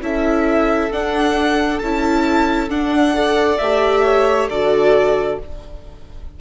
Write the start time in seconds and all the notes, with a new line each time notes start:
0.00 C#4 E4 A4 E5
0.91 D4 F#5
1.79 C#4 E4 A5
2.68 D4 F#5
3.14 A4 D5
3.58 A3 G4 E5
4.04 C#5
4.49 D3 F#4 A4 D5